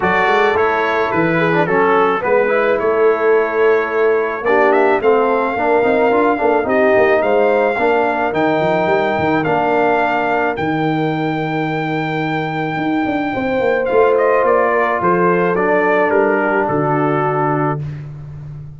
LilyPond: <<
  \new Staff \with { instrumentName = "trumpet" } { \time 4/4 \tempo 4 = 108 d''4 cis''4 b'4 a'4 | b'4 cis''2. | d''8 e''8 f''2. | dis''4 f''2 g''4~ |
g''4 f''2 g''4~ | g''1~ | g''4 f''8 dis''8 d''4 c''4 | d''4 ais'4 a'2 | }
  \new Staff \with { instrumentName = "horn" } { \time 4/4 a'2~ a'8 gis'8 a'4 | b'4 a'2. | g'4 a'4 ais'4. a'8 | g'4 c''4 ais'2~ |
ais'1~ | ais'1 | c''2~ c''8 ais'8 a'4~ | a'4. g'8 fis'2 | }
  \new Staff \with { instrumentName = "trombone" } { \time 4/4 fis'4 e'4.~ e'16 d'16 cis'4 | b8 e'2.~ e'8 | d'4 c'4 d'8 dis'8 f'8 d'8 | dis'2 d'4 dis'4~ |
dis'4 d'2 dis'4~ | dis'1~ | dis'4 f'2. | d'1 | }
  \new Staff \with { instrumentName = "tuba" } { \time 4/4 fis8 gis8 a4 e4 fis4 | gis4 a2. | ais4 a4 ais8 c'8 d'8 ais8 | c'8 ais8 gis4 ais4 dis8 f8 |
g8 dis8 ais2 dis4~ | dis2. dis'8 d'8 | c'8 ais8 a4 ais4 f4 | fis4 g4 d2 | }
>>